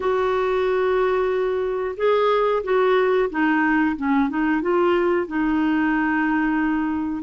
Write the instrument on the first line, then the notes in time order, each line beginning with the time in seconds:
clarinet
0.00 F#4
1.97 G#4
2.63 F#4
3.30 D#4
3.96 C#4
4.29 D#4
4.61 F4
5.27 D#4